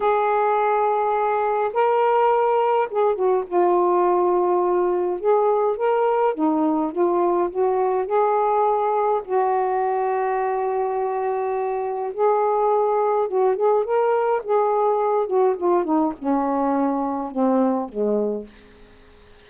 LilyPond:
\new Staff \with { instrumentName = "saxophone" } { \time 4/4 \tempo 4 = 104 gis'2. ais'4~ | ais'4 gis'8 fis'8 f'2~ | f'4 gis'4 ais'4 dis'4 | f'4 fis'4 gis'2 |
fis'1~ | fis'4 gis'2 fis'8 gis'8 | ais'4 gis'4. fis'8 f'8 dis'8 | cis'2 c'4 gis4 | }